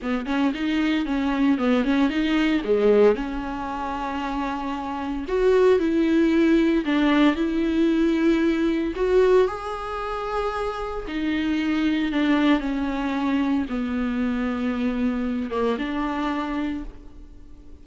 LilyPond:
\new Staff \with { instrumentName = "viola" } { \time 4/4 \tempo 4 = 114 b8 cis'8 dis'4 cis'4 b8 cis'8 | dis'4 gis4 cis'2~ | cis'2 fis'4 e'4~ | e'4 d'4 e'2~ |
e'4 fis'4 gis'2~ | gis'4 dis'2 d'4 | cis'2 b2~ | b4. ais8 d'2 | }